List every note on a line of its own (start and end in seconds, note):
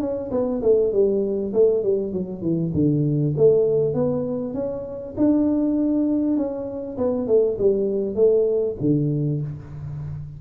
0.00 0.30 C#4
0.31 0.61 B3
0.62 0.92 A3
0.92 1.53 G3
1.53 1.83 A3
1.83 2.13 G3
2.13 2.41 F#3
2.41 2.72 E3
2.74 3.34 D3
3.37 3.94 A3
3.94 4.54 B3
4.54 5.15 C#4
5.17 6.37 D4
6.37 6.97 C#4
6.98 7.27 B3
7.27 7.57 A3
7.58 8.15 G3
8.15 8.75 A3
8.80 9.41 D3